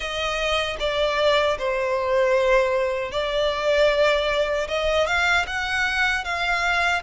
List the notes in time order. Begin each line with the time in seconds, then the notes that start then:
0.00 D#5
0.79 D5
1.58 C5
3.11 D5
4.68 D#5
5.06 F5
5.47 F#5
6.24 F5